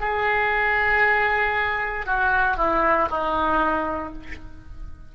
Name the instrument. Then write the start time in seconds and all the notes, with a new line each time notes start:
oboe
0.00 G#4
2.06 F#4
2.57 E4
3.10 D#4